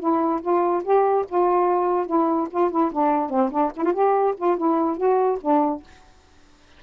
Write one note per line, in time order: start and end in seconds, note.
0.00 0.41 E4
0.42 0.83 F4
0.84 1.26 G4
1.29 2.07 F4
2.07 2.48 E4
2.51 2.71 F4
2.71 2.92 E4
2.93 3.30 D4
3.30 3.51 C4
3.52 3.72 D4
3.77 3.85 E4
3.85 3.94 F4
3.94 4.35 G4
4.38 4.57 F4
4.57 4.98 E4
4.98 5.39 F#4
5.42 5.83 D4